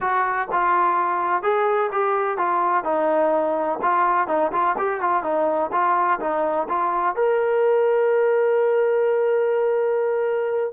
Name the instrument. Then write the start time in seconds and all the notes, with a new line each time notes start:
trombone
0.00 F#4
0.51 F4
1.42 G#4
1.92 G4
2.37 F4
2.84 D#4
3.82 F4
4.27 D#4
4.52 F4
4.78 G4
5.01 F4
5.23 D#4
5.71 F4
6.19 D#4
6.69 F4
7.15 A#4